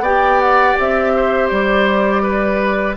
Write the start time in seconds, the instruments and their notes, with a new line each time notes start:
0.00 bassoon B3, clarinet G4, oboe D5, flute G5
0.41 flute F#5
0.79 bassoon C4, flute E5
1.16 oboe C5
1.48 bassoon G3, flute D5
2.23 oboe B4